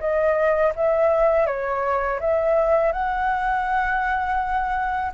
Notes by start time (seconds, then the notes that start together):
0.00 D#5
0.76 E5
1.47 C#5
2.21 E5
2.93 F#5